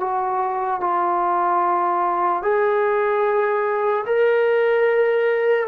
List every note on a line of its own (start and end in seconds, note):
0.00 0.80 F#4
0.80 2.43 F4
2.43 4.05 G#4
4.06 5.68 A#4